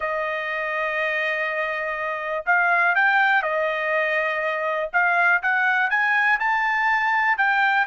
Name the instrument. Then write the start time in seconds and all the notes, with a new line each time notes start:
trumpet
0.00 D#5
2.46 F5
2.95 G5
3.42 D#5
4.92 F5
5.42 F#5
5.89 G#5
6.39 A5
7.37 G5